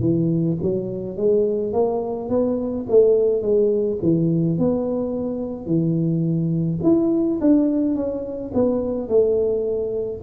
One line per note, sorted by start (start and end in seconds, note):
0.00 0.57 E3
0.62 1.17 F#3
1.17 1.73 G#3
1.73 2.30 A#3
2.30 2.86 B3
2.89 3.42 A3
3.42 3.98 G#3
4.02 4.58 E3
4.58 5.66 B3
5.66 6.79 E3
6.83 7.39 E4
7.40 7.95 D4
7.95 8.52 C#4
8.54 9.08 B3
9.08 10.21 A3